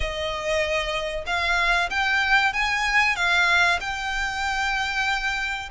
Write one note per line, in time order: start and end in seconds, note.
0.00 1.24 D#5
1.26 1.89 F5
1.89 2.53 G5
2.53 3.16 G#5
3.16 3.79 F5
3.80 5.69 G5